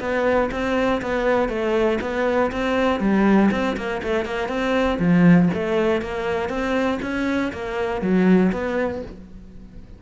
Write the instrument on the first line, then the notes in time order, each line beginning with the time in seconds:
cello
0.00 B3
0.51 C4
1.02 B3
1.49 A3
2.01 B3
2.52 C4
3.00 G3
3.51 C4
3.77 A#3
4.03 A3
4.25 A#3
4.48 C4
4.99 F3
5.54 A3
6.02 A#3
6.49 C4
7.02 C#4
7.53 A#3
8.02 F#3
8.52 B3